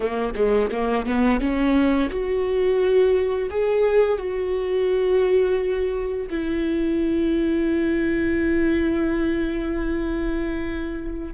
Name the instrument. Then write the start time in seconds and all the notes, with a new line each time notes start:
viola
0.00 A#3
0.35 G#3
0.71 A#3
1.05 B3
1.40 C#4
2.10 F#4
3.50 G#4
4.18 F#4
6.30 E4